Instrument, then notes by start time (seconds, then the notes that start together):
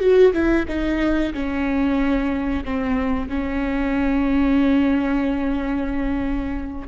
viola
0.00 F#4
0.33 E4
0.68 D#4
1.33 C#4
2.64 C4
3.28 C#4